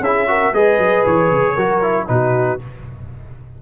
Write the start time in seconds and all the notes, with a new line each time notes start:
0.00 C#4 G#4 E5
0.06 E4
0.27 F#4 A#4
0.53 G#3 G#4 B4 D#5
0.78 F#3
1.06 E3 C#5
1.32 C#3
1.55 F#3 F#4 A#4
1.82 E4
2.07 B2 D#4 F#4 B4